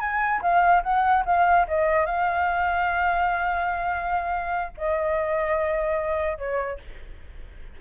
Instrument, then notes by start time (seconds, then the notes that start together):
flute
0.00 G#5
0.41 F5
0.83 F#5
1.25 F5
1.68 D#5
2.05 F5
4.77 D#5
6.38 C#5